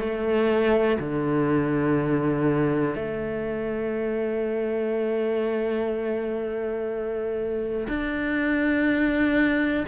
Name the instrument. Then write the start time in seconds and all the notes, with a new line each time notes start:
cello
0.00 A3
1.00 D3
2.96 A3
7.89 D4